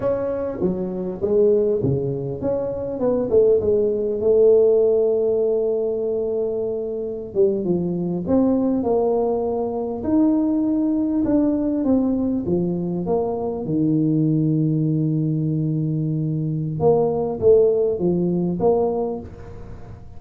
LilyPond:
\new Staff \with { instrumentName = "tuba" } { \time 4/4 \tempo 4 = 100 cis'4 fis4 gis4 cis4 | cis'4 b8 a8 gis4 a4~ | a1~ | a16 g8 f4 c'4 ais4~ ais16~ |
ais8. dis'2 d'4 c'16~ | c'8. f4 ais4 dis4~ dis16~ | dis1 | ais4 a4 f4 ais4 | }